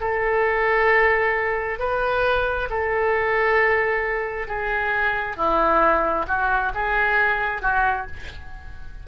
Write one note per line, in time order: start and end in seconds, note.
0.00 1.79 A4
1.79 2.68 B4
2.69 4.47 A4
4.47 5.36 G#4
5.36 6.26 E4
6.27 6.72 F#4
6.74 7.62 G#4
7.62 8.06 F#4